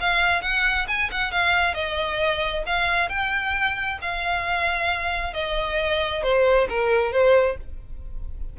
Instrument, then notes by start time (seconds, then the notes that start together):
violin
0.00 F5
0.42 F#5
0.88 G#5
1.11 F#5
1.31 F5
1.74 D#5
2.66 F5
3.09 G5
4.01 F5
5.33 D#5
6.23 C5
6.69 A#4
7.12 C5